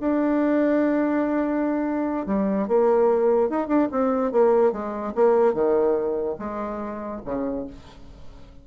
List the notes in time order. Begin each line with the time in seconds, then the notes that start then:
0.00 D4
2.26 G3
2.68 A#3
3.49 D#4
3.67 D4
3.91 C4
4.32 A#3
4.72 G#3
5.15 A#3
5.53 D#3
6.38 G#3
7.25 C#3